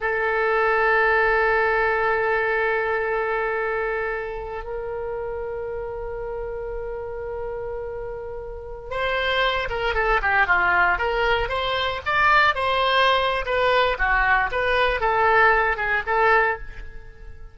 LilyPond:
\new Staff \with { instrumentName = "oboe" } { \time 4/4 \tempo 4 = 116 a'1~ | a'1~ | a'4 ais'2.~ | ais'1~ |
ais'4~ ais'16 c''4. ais'8 a'8 g'16~ | g'16 f'4 ais'4 c''4 d''8.~ | d''16 c''4.~ c''16 b'4 fis'4 | b'4 a'4. gis'8 a'4 | }